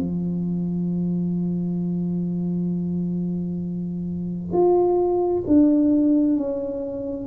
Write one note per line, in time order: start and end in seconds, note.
0.00 4.53 F3
4.53 5.44 F4
5.47 6.37 D4
6.37 7.27 C#4